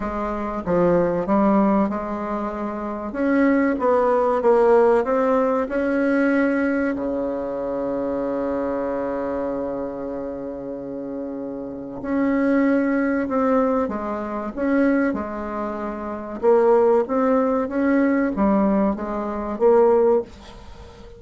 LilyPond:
\new Staff \with { instrumentName = "bassoon" } { \time 4/4 \tempo 4 = 95 gis4 f4 g4 gis4~ | gis4 cis'4 b4 ais4 | c'4 cis'2 cis4~ | cis1~ |
cis2. cis'4~ | cis'4 c'4 gis4 cis'4 | gis2 ais4 c'4 | cis'4 g4 gis4 ais4 | }